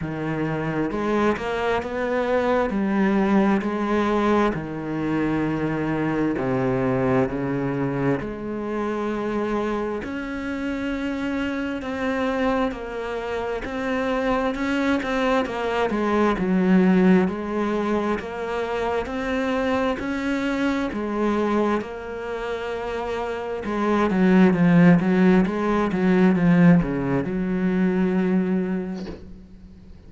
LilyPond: \new Staff \with { instrumentName = "cello" } { \time 4/4 \tempo 4 = 66 dis4 gis8 ais8 b4 g4 | gis4 dis2 c4 | cis4 gis2 cis'4~ | cis'4 c'4 ais4 c'4 |
cis'8 c'8 ais8 gis8 fis4 gis4 | ais4 c'4 cis'4 gis4 | ais2 gis8 fis8 f8 fis8 | gis8 fis8 f8 cis8 fis2 | }